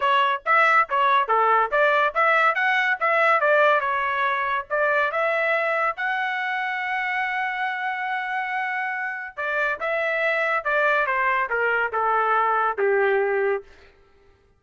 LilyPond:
\new Staff \with { instrumentName = "trumpet" } { \time 4/4 \tempo 4 = 141 cis''4 e''4 cis''4 a'4 | d''4 e''4 fis''4 e''4 | d''4 cis''2 d''4 | e''2 fis''2~ |
fis''1~ | fis''2 d''4 e''4~ | e''4 d''4 c''4 ais'4 | a'2 g'2 | }